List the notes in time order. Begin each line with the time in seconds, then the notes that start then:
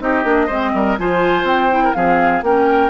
0.00 C4 D#4 G4 D#5
0.24 A#3 D4
0.47 G#3 C4 C5
0.74 G3 A#4
0.99 F3 F4 C5 G#5
1.44 C4 G5
1.71 E4
1.84 A#4
1.94 F3 C4 G#4 F5
2.42 A#3 C#4 A#4 G5